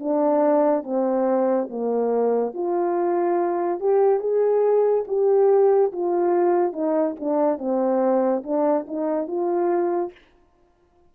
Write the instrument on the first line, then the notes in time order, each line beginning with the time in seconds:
horn
0.00 D4
0.84 C4
1.70 A#3
2.54 F4
3.80 G4
4.20 G#4
5.08 G4
5.93 F4
6.73 D#4
7.20 D4
7.59 C4
8.44 D4
8.88 D#4
9.28 F4